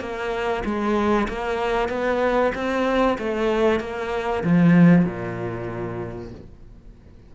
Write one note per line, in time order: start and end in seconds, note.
0.00 0.63 A#3
0.65 1.28 G#3
1.28 1.89 A#3
1.89 2.52 B3
2.54 3.18 C4
3.18 3.80 A3
3.80 4.43 A#3
4.44 5.05 F3
5.05 6.31 A#2